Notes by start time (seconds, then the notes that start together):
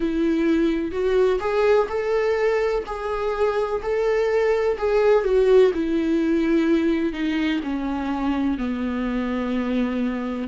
0.00 E4
0.91 F#4
1.40 G#4
1.88 A4
2.86 G#4
3.82 A4
4.77 G#4
5.23 F#4
5.74 E4
7.13 D#4
7.63 C#4
8.58 B3